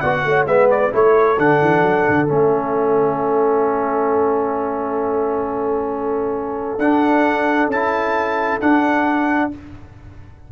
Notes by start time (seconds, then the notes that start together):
0.00 B3 F#4 D5 F#5
0.24 A3 C#5
0.45 G#3 B3 B4 E5
0.70 D5
0.92 A3 E4 A4 C#5
1.38 D3 D4 F#5
1.61 E3
1.82 F#3
2.09 D3
2.27 A3 C#4 E5
6.78 D4 F#5
7.67 C#4 E4 A5
8.61 D4 F#5